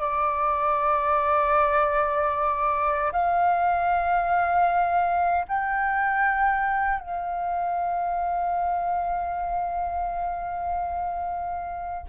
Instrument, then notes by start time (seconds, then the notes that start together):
flute
0.00 D5
3.12 F5
5.48 G5
7.00 F5